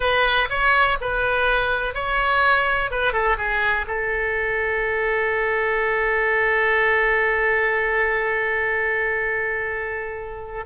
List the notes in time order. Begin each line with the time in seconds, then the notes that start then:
0.00 B4
0.49 C#5
1.01 B4
1.94 C#5
2.90 B4
3.12 A4
3.37 G#4
3.87 A4